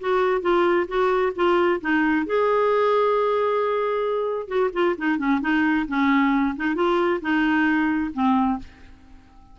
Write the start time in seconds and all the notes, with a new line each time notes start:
0.00 F#4
0.42 F4
0.88 F#4
1.36 F4
1.81 D#4
2.26 G#4
4.48 F#4
4.73 F4
4.97 D#4
5.18 C#4
5.41 D#4
5.87 C#4
6.56 D#4
6.75 F4
7.21 D#4
8.14 C4